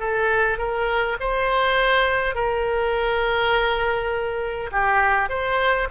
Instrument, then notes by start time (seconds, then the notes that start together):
oboe
0.00 A4
0.58 A#4
1.20 C5
2.35 A#4
4.72 G4
5.30 C5